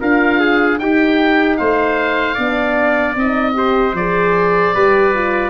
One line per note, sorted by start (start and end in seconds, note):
0.00 0.79 D4
0.00 0.79 F4
0.00 0.40 A#4
0.00 0.79 F5
0.40 0.79 G#4
0.79 1.58 D#4
0.79 2.38 D#4
0.79 1.60 G4
0.79 1.57 G5
1.57 2.38 A3
1.57 2.35 C5
1.57 3.15 F5
2.35 3.16 B3
2.35 3.17 D4
2.35 3.53 D5
3.16 3.94 C4
3.16 3.54 D#4
3.16 3.96 D#5
3.54 3.94 G4
3.54 4.75 C5
3.94 4.73 F3
3.94 4.75 G#4
3.94 5.50 D5
4.75 5.50 G3
4.75 5.14 G4
4.75 5.50 B4
5.14 5.50 F4